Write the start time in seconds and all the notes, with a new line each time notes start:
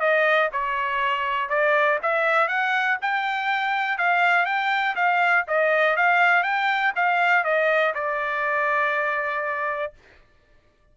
0.00 D#5
0.52 C#5
1.49 D5
2.02 E5
2.48 F#5
3.02 G5
3.98 F5
4.46 G5
4.96 F5
5.47 D#5
5.96 F5
6.43 G5
6.96 F5
7.44 D#5
7.94 D5